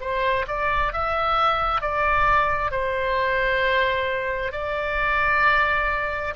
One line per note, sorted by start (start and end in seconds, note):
0.00 0.45 C5
0.48 0.93 D5
0.93 1.81 E5
1.81 2.71 D5
2.71 4.52 C5
4.52 6.34 D5